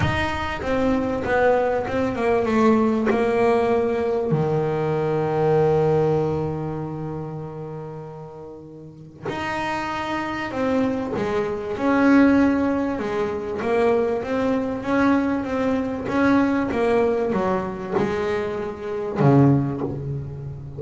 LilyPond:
\new Staff \with { instrumentName = "double bass" } { \time 4/4 \tempo 4 = 97 dis'4 c'4 b4 c'8 ais8 | a4 ais2 dis4~ | dis1~ | dis2. dis'4~ |
dis'4 c'4 gis4 cis'4~ | cis'4 gis4 ais4 c'4 | cis'4 c'4 cis'4 ais4 | fis4 gis2 cis4 | }